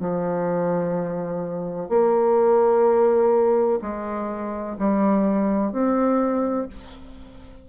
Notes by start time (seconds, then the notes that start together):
0.00 F3
1.89 A#3
3.81 G#3
4.79 G3
5.72 C4